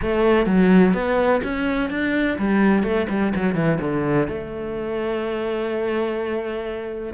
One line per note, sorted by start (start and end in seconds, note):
0.01 0.46 A3
0.46 0.93 F#3
0.93 1.41 B3
1.43 1.90 C#4
1.90 2.37 D4
2.38 2.83 G3
2.83 3.06 A3
3.09 3.33 G3
3.35 3.55 F#3
3.55 3.78 E3
3.80 4.28 D3
4.28 7.13 A3